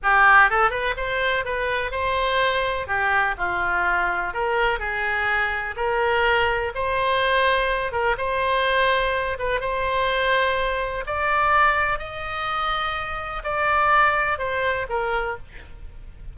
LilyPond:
\new Staff \with { instrumentName = "oboe" } { \time 4/4 \tempo 4 = 125 g'4 a'8 b'8 c''4 b'4 | c''2 g'4 f'4~ | f'4 ais'4 gis'2 | ais'2 c''2~ |
c''8 ais'8 c''2~ c''8 b'8 | c''2. d''4~ | d''4 dis''2. | d''2 c''4 ais'4 | }